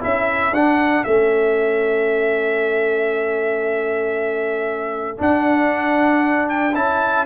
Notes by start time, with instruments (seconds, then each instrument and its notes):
0.00 tuba C#4, trombone E4, horn A4, trumpet E5
0.51 tuba D4, trombone D4, trumpet F#5
1.04 tuba A3, trombone C#4, trumpet E5
5.18 trombone D4, tuba D4, trumpet F#5
6.49 trumpet G5
6.75 tuba C#4, trombone E4, trumpet A5